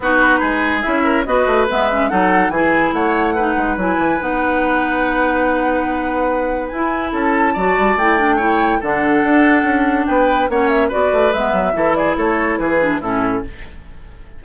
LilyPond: <<
  \new Staff \with { instrumentName = "flute" } { \time 4/4 \tempo 4 = 143 b'2 e''4 dis''4 | e''4 fis''4 gis''4 fis''4~ | fis''4 gis''4 fis''2~ | fis''1 |
gis''4 a''2 g''4~ | g''4 fis''2. | g''4 fis''8 e''8 d''4 e''4~ | e''8 d''8 cis''4 b'4 a'4 | }
  \new Staff \with { instrumentName = "oboe" } { \time 4/4 fis'4 gis'4. ais'8 b'4~ | b'4 a'4 gis'4 cis''4 | b'1~ | b'1~ |
b'4 a'4 d''2 | cis''4 a'2. | b'4 cis''4 b'2 | a'8 gis'8 a'4 gis'4 e'4 | }
  \new Staff \with { instrumentName = "clarinet" } { \time 4/4 dis'2 e'4 fis'4 | b8 cis'8 dis'4 e'2 | dis'4 e'4 dis'2~ | dis'1 |
e'2 fis'4 e'8 d'8 | e'4 d'2.~ | d'4 cis'4 fis'4 b4 | e'2~ e'8 d'8 cis'4 | }
  \new Staff \with { instrumentName = "bassoon" } { \time 4/4 b4 gis4 cis'4 b8 a8 | gis4 fis4 e4 a4~ | a8 gis8 fis8 e8 b2~ | b1 |
e'4 cis'4 fis8 g8 a4~ | a4 d4 d'4 cis'4 | b4 ais4 b8 a8 gis8 fis8 | e4 a4 e4 a,4 | }
>>